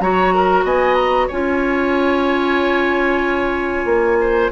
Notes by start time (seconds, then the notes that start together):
0.00 F#3 F#4 C#5 A#5
0.35 A#4
0.64 B3 D#5 G#5
0.95 A#5
1.28 C#4 F4 C#5 G#5
3.86 A#3
4.21 C5